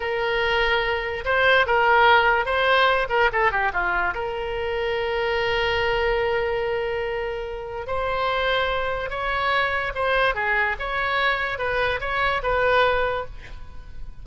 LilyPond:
\new Staff \with { instrumentName = "oboe" } { \time 4/4 \tempo 4 = 145 ais'2. c''4 | ais'2 c''4. ais'8 | a'8 g'8 f'4 ais'2~ | ais'1~ |
ais'2. c''4~ | c''2 cis''2 | c''4 gis'4 cis''2 | b'4 cis''4 b'2 | }